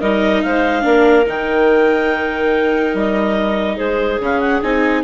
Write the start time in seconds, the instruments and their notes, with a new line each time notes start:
0.00 bassoon G3, viola D#4, clarinet A#4 D#5
0.42 bassoon G#3, clarinet C5 F5
0.81 bassoon A#3, viola D4, clarinet A#4
1.26 bassoon D#3, viola D#4, clarinet G5
2.93 bassoon G3, clarinet D#5
3.76 bassoon G#3, clarinet G#4 C5
4.18 bassoon C#3, viola C#4, clarinet F5
4.40 clarinet F#5
4.61 bassoon C4, viola D#4, clarinet G#5